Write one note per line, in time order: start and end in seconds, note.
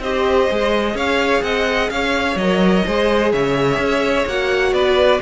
0.00 0.47 C4
0.00 0.51 G4
0.00 0.96 C5
0.00 0.97 D#5
0.51 0.95 G#3
0.51 2.40 G#4
0.95 1.42 C#4
0.95 1.43 C#5
0.95 1.43 F5
1.43 1.90 C4
1.43 1.92 D#5
1.43 1.90 F#5
1.90 2.36 C#4
1.90 2.86 C#5
1.90 2.37 F5
2.36 2.83 F#3
2.36 2.87 A#4
2.36 3.32 D#5
2.86 3.33 G#3
2.86 4.28 G#4
2.86 3.33 C5
3.33 3.78 C#3
3.33 4.74 C#5
3.33 4.27 E5
3.78 4.25 C#4
4.27 4.73 A#3
4.27 5.22 F#4
4.27 4.74 F#5
4.73 5.20 B3
4.73 5.22 B4
4.73 5.21 D5